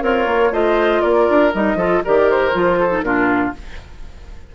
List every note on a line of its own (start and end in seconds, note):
0.00 0.26 C4
0.00 0.52 F4
0.00 0.50 A#4
0.00 0.53 C#5
0.26 0.51 A#3
0.51 1.01 A3
0.51 1.52 F4
0.51 1.02 C5
0.51 1.01 D#5
1.01 1.28 A#3
1.01 1.77 A#4
1.01 1.51 D5
1.29 1.54 D4
1.53 1.75 G3
1.53 1.78 D#4
1.53 2.04 D#5
1.75 2.00 F3
1.75 2.03 F4
1.75 2.02 A4
2.04 2.54 D#3
2.04 2.52 G4
2.04 2.79 A#4
2.04 2.30 D5
2.30 3.02 C5
2.52 3.02 F3
2.52 2.90 F4
2.79 3.04 A4
2.90 3.03 D#4
3.02 3.52 A#2
3.02 3.54 D4
3.02 3.55 F4
3.02 3.52 A#4